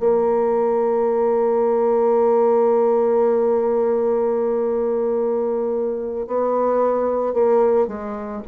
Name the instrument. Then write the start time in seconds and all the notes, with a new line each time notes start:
bassoon
0.00 A#3
6.27 B3
7.34 A#3
7.88 G#3